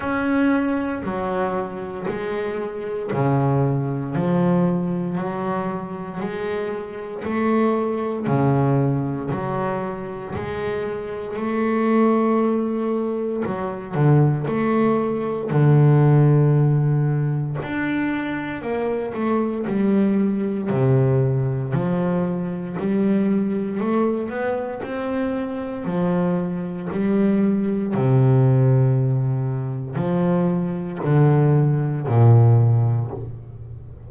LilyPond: \new Staff \with { instrumentName = "double bass" } { \time 4/4 \tempo 4 = 58 cis'4 fis4 gis4 cis4 | f4 fis4 gis4 a4 | cis4 fis4 gis4 a4~ | a4 fis8 d8 a4 d4~ |
d4 d'4 ais8 a8 g4 | c4 f4 g4 a8 b8 | c'4 f4 g4 c4~ | c4 f4 d4 ais,4 | }